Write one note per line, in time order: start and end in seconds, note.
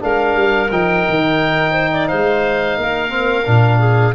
0.00 0.36 G#3
0.00 0.69 D4
0.00 1.72 A#4
0.00 0.72 F5
0.36 0.70 G3
0.72 1.06 F3
0.72 3.09 D#4
0.72 2.08 G5
1.09 2.12 D#3
1.72 1.89 C5
1.93 2.09 D5
2.08 2.78 G#3
2.08 2.78 C5
2.08 4.15 F5
2.78 3.47 A#3
2.78 3.79 A#4
3.09 3.44 C4
3.45 4.15 A#2
3.45 4.14 D4
3.79 4.14 G#4